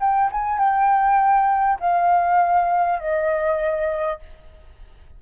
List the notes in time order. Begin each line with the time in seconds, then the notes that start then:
0.00 G5
0.32 G#5
0.58 G5
1.79 F5
2.99 D#5